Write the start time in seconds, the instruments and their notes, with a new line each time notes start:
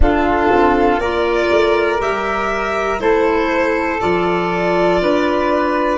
0.00 tuba D4, clarinet D4, flute F4, violin A4
0.51 tuba C4
0.97 tuba A#3, clarinet F4, flute A#4, violin D5
1.50 tuba A3
1.98 tuba G3, clarinet G4, violin E5
2.99 tuba A3, clarinet E4, flute A4, violin C5
4.00 tuba F3, clarinet F4, violin D5
5.01 tuba D4, flute B4